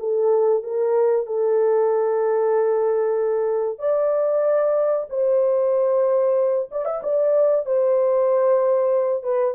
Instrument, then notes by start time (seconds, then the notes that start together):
horn
0.00 A4
0.64 A#4
1.26 A4
3.79 D5
5.10 C5
6.71 D5
6.85 E5
7.03 D5
7.66 C5
9.23 B4